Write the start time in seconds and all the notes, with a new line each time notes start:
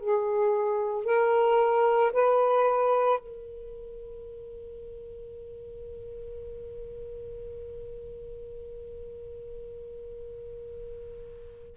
0.00 G#4
1.05 A#4
2.13 B4
3.19 A#4